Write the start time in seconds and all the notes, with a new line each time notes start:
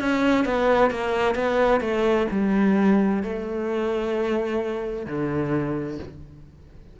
0.00 C#4
0.45 B3
0.91 A#3
1.35 B3
1.81 A3
2.32 G3
3.23 A3
5.06 D3